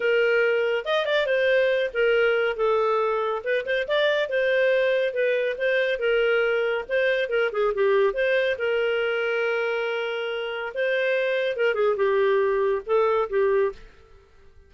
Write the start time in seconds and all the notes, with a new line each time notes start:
0.00 A#4
0.85 D#5
1.05 D5
1.26 C5
1.93 A#4
2.56 A4
3.44 B4
3.65 C5
3.87 D5
4.29 C5
5.13 B4
5.58 C5
5.99 A#4
6.89 C5
7.29 A#4
7.52 G#4
7.74 G4
8.13 C5
8.58 A#4
10.74 C5
11.56 A#4
11.74 G#4
11.96 G4
12.86 A4
13.29 G4